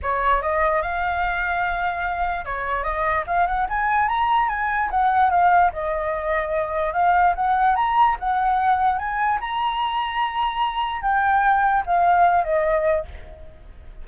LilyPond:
\new Staff \with { instrumentName = "flute" } { \time 4/4 \tempo 4 = 147 cis''4 dis''4 f''2~ | f''2 cis''4 dis''4 | f''8 fis''8 gis''4 ais''4 gis''4 | fis''4 f''4 dis''2~ |
dis''4 f''4 fis''4 ais''4 | fis''2 gis''4 ais''4~ | ais''2. g''4~ | g''4 f''4. dis''4. | }